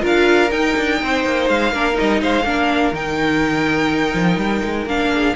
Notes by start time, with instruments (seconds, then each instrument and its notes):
0.00 cello D4, viola F4, violin A#4
0.06 violin F5
0.51 cello D#4, viola D#4, violin G5
0.77 cello D4
1.02 cello C4, violin C5
1.25 cello A#3
1.49 cello G#3, violin F5
1.72 cello A#3, viola D4, violin A#4
1.93 viola D#4, violin D#5
2.01 cello G3
2.21 cello G#3, violin C5 F5
2.44 cello A#3, viola D4, violin A#4
2.92 cello D#3, viola D#4, violin G5
4.14 cello F3
4.37 cello G3
4.64 cello G#3
4.86 cello A#3, viola D4, violin F5
5.13 violin G#4